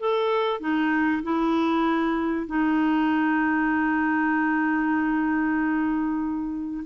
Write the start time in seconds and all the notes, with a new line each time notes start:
0.00 A4
0.60 D#4
1.23 E4
2.47 D#4